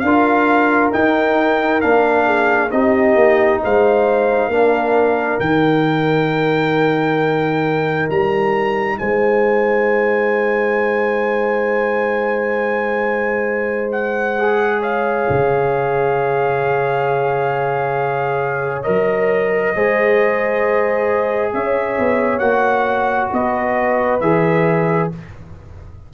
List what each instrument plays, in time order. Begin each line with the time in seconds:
0.00 tuba D4, horn A#4, trumpet F5
0.07 trombone F4
0.93 trombone D#4, tuba D#4, trumpet G5
1.81 tuba A#3, trombone D4, trumpet F5
2.26 horn G#4
2.72 tuba C4, trombone D#4, horn G4, trumpet D#5
3.15 tuba A#3
3.63 tuba G#3, horn C5, trumpet F5
4.48 tuba A#3, trombone D4, horn A#4
5.40 tuba D#3, trombone D#4, trumpet G5
8.10 tuba G3, trumpet A#5
8.99 tuba G#3, horn C5, trumpet G#5
13.92 trumpet F#5
14.39 trombone G#4
14.80 horn C#5, trumpet F5
15.30 tuba C#3
18.83 tuba F#3, trombone A#4, trumpet D#5
19.75 tuba G#3, trombone G#4, horn C5
21.54 tuba C#4, horn C#5, trumpet E5
21.99 tuba B3
22.39 tuba A#3, trombone F#4, trumpet F#5
23.33 tuba B3, horn B4, trumpet D#5
24.21 tuba E3, trombone G#4, trumpet E5